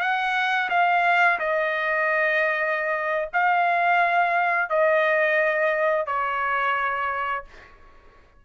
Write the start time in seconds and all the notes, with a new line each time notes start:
0.00 F#5
0.69 F5
1.39 D#5
3.33 F5
4.69 D#5
6.06 C#5